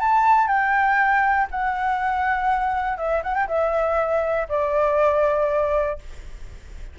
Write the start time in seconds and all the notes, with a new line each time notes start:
0.00 A5
0.48 G5
1.51 F#5
2.97 E5
3.23 F#5
3.35 G5
3.48 E5
4.49 D5